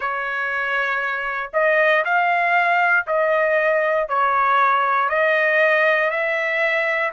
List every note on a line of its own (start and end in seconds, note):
0.00 1.50 C#5
1.53 2.04 D#5
2.04 3.06 F5
3.06 4.08 D#5
4.08 5.08 C#5
5.08 6.10 D#5
6.10 7.12 E5